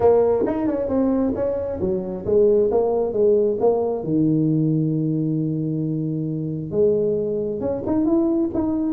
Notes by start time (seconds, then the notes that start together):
0.00 A#3
0.46 D#4
0.67 C#4
0.88 C4
1.35 C#4
1.80 F#3
2.25 G#3
2.71 A#3
3.12 G#3
3.60 A#3
4.03 D#3
6.71 G#3
7.60 C#4
7.86 D#4
8.05 E4
8.54 D#4